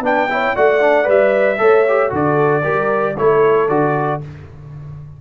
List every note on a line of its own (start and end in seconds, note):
0.00 0.52 B3
0.00 0.29 D4
0.00 0.31 B4
0.00 0.56 G5
0.30 0.56 E4
0.30 0.55 C#5
0.55 1.07 A3
0.55 0.81 F#4
0.55 1.60 D5
0.55 1.08 F#5
0.81 1.04 D4
1.04 1.59 G3
1.04 1.56 B4
1.04 2.13 E5
1.58 2.12 A3
1.58 1.84 A4
1.58 2.13 C#5
1.88 2.10 G4
2.10 2.64 D3
2.10 2.62 F#4
2.10 2.63 A4
2.10 3.17 D5
2.63 3.17 G3
2.63 3.16 G4
2.63 3.15 A#4
3.16 3.69 A3
3.16 3.69 E4
3.16 4.20 A4
3.16 3.69 C#5
3.69 4.21 D3
3.69 4.21 F#4
3.69 4.21 D5